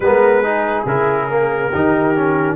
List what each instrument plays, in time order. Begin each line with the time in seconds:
0.00 tuba G#3, trombone B3, horn A#4, trumpet B4
0.42 trombone D#4, horn G#4
0.85 tuba C#3, trombone E4, trumpet A#4
1.29 trombone A#3
1.69 tuba D#3, trombone D#4, horn G4
2.15 trombone C#4